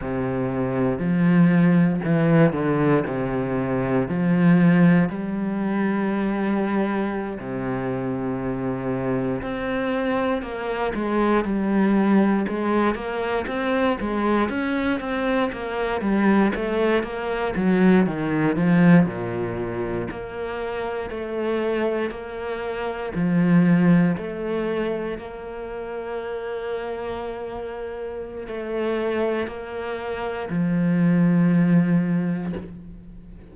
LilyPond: \new Staff \with { instrumentName = "cello" } { \time 4/4 \tempo 4 = 59 c4 f4 e8 d8 c4 | f4 g2~ g16 c8.~ | c4~ c16 c'4 ais8 gis8 g8.~ | g16 gis8 ais8 c'8 gis8 cis'8 c'8 ais8 g16~ |
g16 a8 ais8 fis8 dis8 f8 ais,4 ais16~ | ais8. a4 ais4 f4 a16~ | a8. ais2.~ ais16 | a4 ais4 f2 | }